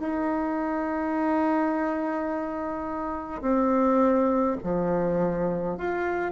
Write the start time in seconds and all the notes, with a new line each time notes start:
0.00 D#4
3.42 C4
4.64 F3
5.78 F4